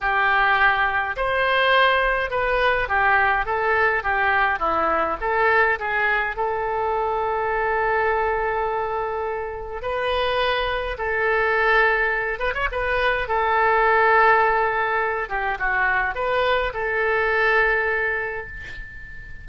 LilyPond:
\new Staff \with { instrumentName = "oboe" } { \time 4/4 \tempo 4 = 104 g'2 c''2 | b'4 g'4 a'4 g'4 | e'4 a'4 gis'4 a'4~ | a'1~ |
a'4 b'2 a'4~ | a'4. b'16 cis''16 b'4 a'4~ | a'2~ a'8 g'8 fis'4 | b'4 a'2. | }